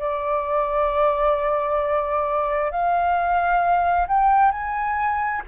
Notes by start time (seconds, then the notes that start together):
0.00 D5
2.71 F5
4.08 G5
4.52 G#5